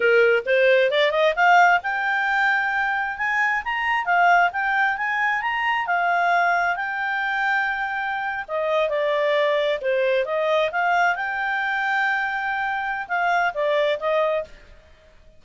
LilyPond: \new Staff \with { instrumentName = "clarinet" } { \time 4/4 \tempo 4 = 133 ais'4 c''4 d''8 dis''8 f''4 | g''2. gis''4 | ais''4 f''4 g''4 gis''4 | ais''4 f''2 g''4~ |
g''2~ g''8. dis''4 d''16~ | d''4.~ d''16 c''4 dis''4 f''16~ | f''8. g''2.~ g''16~ | g''4 f''4 d''4 dis''4 | }